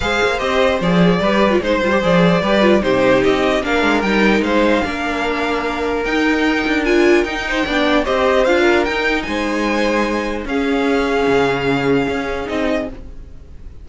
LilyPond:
<<
  \new Staff \with { instrumentName = "violin" } { \time 4/4 \tempo 4 = 149 f''4 dis''4 d''2 | c''4 d''2 c''4 | dis''4 f''4 g''4 f''4~ | f''2. g''4~ |
g''4 gis''4 g''2 | dis''4 f''4 g''4 gis''4~ | gis''2 f''2~ | f''2. dis''4 | }
  \new Staff \with { instrumentName = "violin" } { \time 4/4 c''2. b'4 | c''2 b'4 g'4~ | g'4 ais'2 c''4 | ais'1~ |
ais'2~ ais'8 c''8 d''4 | c''4. ais'4. c''4~ | c''2 gis'2~ | gis'1 | }
  \new Staff \with { instrumentName = "viola" } { \time 4/4 gis'4 g'4 gis'4 g'8. f'16 | dis'8 f'16 g'16 gis'4 g'8 f'8 dis'4~ | dis'4 d'4 dis'2 | d'2. dis'4~ |
dis'4 f'4 dis'4 d'4 | g'4 f'4 dis'2~ | dis'2 cis'2~ | cis'2. dis'4 | }
  \new Staff \with { instrumentName = "cello" } { \time 4/4 gis8 ais8 c'4 f4 g4 | gis8 g8 f4 g4 c4 | c'4 ais8 gis8 g4 gis4 | ais2. dis'4~ |
dis'8 d'4. dis'4 b4 | c'4 d'4 dis'4 gis4~ | gis2 cis'2 | cis2 cis'4 c'4 | }
>>